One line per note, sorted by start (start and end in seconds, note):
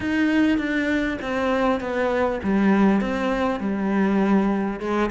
0.00 0.58 D#4
0.58 1.18 D4
1.21 1.80 C4
1.80 2.40 B3
2.43 3.01 G3
3.01 3.59 C4
3.59 4.79 G3
4.80 5.10 G#3